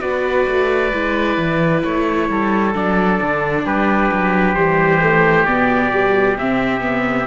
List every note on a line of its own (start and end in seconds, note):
0.00 0.46 B3
0.00 0.91 F#4
0.00 2.29 B4
0.00 1.82 D5
0.47 0.93 A3
0.93 1.37 G#3
0.93 2.74 E4
1.37 1.83 E3
1.83 2.29 A3
1.83 2.74 C#5
2.29 2.75 G3
2.29 3.65 A4
2.74 3.20 F#3
2.74 4.55 D4
2.74 3.66 D5
3.21 3.65 D3
3.65 4.10 G3
3.65 7.27 G4
3.65 4.54 B4
4.12 4.56 F#3
4.54 5.45 E3
4.54 5.01 G3
4.54 5.45 C5
5.01 5.46 A3
5.45 6.36 B2
5.45 5.92 B3
5.45 6.36 D5
5.92 6.37 G3
6.36 7.27 C3
6.36 6.81 C4
6.36 7.27 E5
6.81 7.26 B3